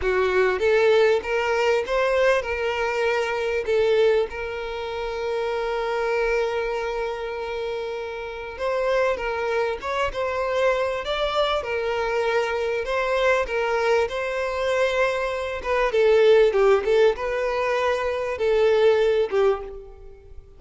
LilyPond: \new Staff \with { instrumentName = "violin" } { \time 4/4 \tempo 4 = 98 fis'4 a'4 ais'4 c''4 | ais'2 a'4 ais'4~ | ais'1~ | ais'2 c''4 ais'4 |
cis''8 c''4. d''4 ais'4~ | ais'4 c''4 ais'4 c''4~ | c''4. b'8 a'4 g'8 a'8 | b'2 a'4. g'8 | }